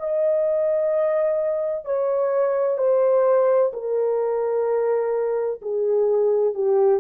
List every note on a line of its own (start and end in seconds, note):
0.00 1.85 D#5
1.85 2.78 C#5
2.78 3.72 C5
3.74 5.61 A#4
5.62 6.55 G#4
6.55 7.01 G4